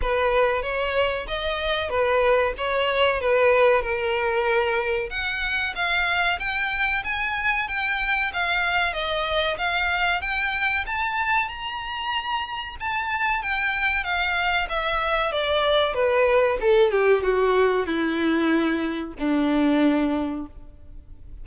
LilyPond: \new Staff \with { instrumentName = "violin" } { \time 4/4 \tempo 4 = 94 b'4 cis''4 dis''4 b'4 | cis''4 b'4 ais'2 | fis''4 f''4 g''4 gis''4 | g''4 f''4 dis''4 f''4 |
g''4 a''4 ais''2 | a''4 g''4 f''4 e''4 | d''4 b'4 a'8 g'8 fis'4 | e'2 d'2 | }